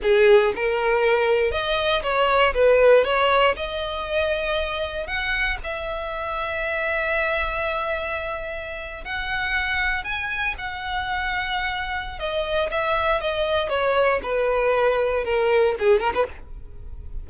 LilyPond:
\new Staff \with { instrumentName = "violin" } { \time 4/4 \tempo 4 = 118 gis'4 ais'2 dis''4 | cis''4 b'4 cis''4 dis''4~ | dis''2 fis''4 e''4~ | e''1~ |
e''4.~ e''16 fis''2 gis''16~ | gis''8. fis''2.~ fis''16 | dis''4 e''4 dis''4 cis''4 | b'2 ais'4 gis'8 ais'16 b'16 | }